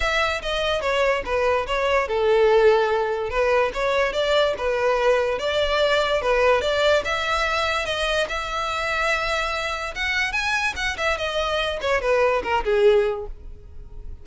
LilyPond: \new Staff \with { instrumentName = "violin" } { \time 4/4 \tempo 4 = 145 e''4 dis''4 cis''4 b'4 | cis''4 a'2. | b'4 cis''4 d''4 b'4~ | b'4 d''2 b'4 |
d''4 e''2 dis''4 | e''1 | fis''4 gis''4 fis''8 e''8 dis''4~ | dis''8 cis''8 b'4 ais'8 gis'4. | }